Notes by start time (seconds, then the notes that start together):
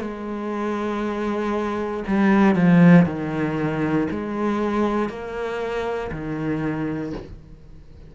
0.00 G#3
2.07 G3
2.55 F3
3.05 D#3
4.10 G#3
5.09 A#3
6.11 D#3